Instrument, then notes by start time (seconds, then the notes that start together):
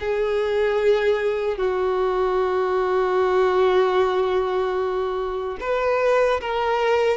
violin
0.00 G#4
1.57 F#4
5.60 B4
6.41 A#4